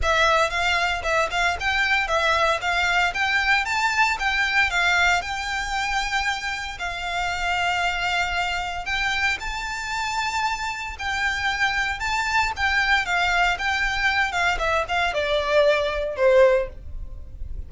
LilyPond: \new Staff \with { instrumentName = "violin" } { \time 4/4 \tempo 4 = 115 e''4 f''4 e''8 f''8 g''4 | e''4 f''4 g''4 a''4 | g''4 f''4 g''2~ | g''4 f''2.~ |
f''4 g''4 a''2~ | a''4 g''2 a''4 | g''4 f''4 g''4. f''8 | e''8 f''8 d''2 c''4 | }